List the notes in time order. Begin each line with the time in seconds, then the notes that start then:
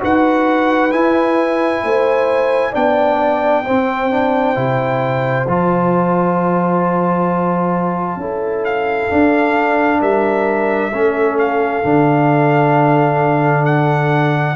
0.00 D#4 F#4 B4 F#5
0.92 E4 G#5
1.84 A3 C5
2.72 B3 D4 D5 G5
3.65 C4 C5
4.11 D4
4.55 C3 E4
5.47 F3 F4 A5
8.17 C#4 E4 A4
8.65 F5
9.11 D4
10.01 G3 A#4 E5
10.92 A3 C#4 A4
11.39 F5
11.84 D3 D4
13.66 F#5